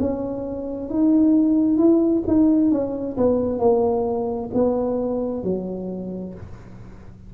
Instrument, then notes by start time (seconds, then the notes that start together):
tuba
0.00 C#4
0.90 D#4
1.78 E4
2.27 D#4
2.71 C#4
3.17 B3
3.60 A#3
4.54 B3
5.44 F#3